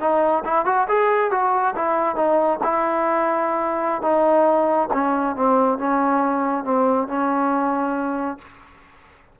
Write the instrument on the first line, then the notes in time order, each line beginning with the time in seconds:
trombone
0.00 D#4
0.45 E4
0.66 F#4
0.88 G#4
1.31 F#4
1.75 E4
2.16 D#4
2.64 E4
4.02 D#4
4.93 C#4
5.36 C4
5.78 C#4
6.65 C4
7.08 C#4